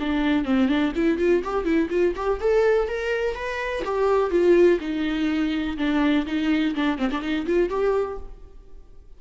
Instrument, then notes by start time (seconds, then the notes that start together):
viola
0.00 D4
0.45 C4
0.69 D4
0.96 E4
1.18 F4
1.44 G4
1.65 E4
1.90 F4
2.16 G4
2.40 A4
2.88 A#4
3.35 B4
3.85 G4
4.31 F4
4.81 D#4
5.78 D4
6.26 D#4
6.75 D4
6.98 C4
7.11 D4
7.22 D#4
7.46 F4
7.70 G4